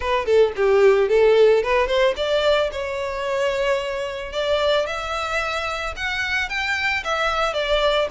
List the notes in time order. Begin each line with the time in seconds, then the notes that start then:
0.00 B4
0.25 A4
0.56 G4
1.09 A4
1.63 B4
1.87 C5
2.16 D5
2.72 C#5
4.32 D5
4.86 E5
5.96 F#5
6.49 G5
7.04 E5
7.53 D5